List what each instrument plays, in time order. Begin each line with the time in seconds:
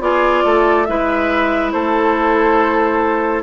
0.00 bassoon B3, clarinet F4, oboe G#4, flute D5
0.44 bassoon A3, oboe A4
0.85 bassoon G#3, clarinet E4, oboe B4, flute E5
1.71 bassoon A3, oboe A4, flute C5